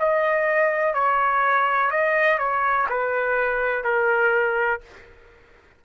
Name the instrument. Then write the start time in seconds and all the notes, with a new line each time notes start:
trumpet
0.00 D#5
0.94 C#5
1.91 D#5
2.38 C#5
2.89 B4
3.84 A#4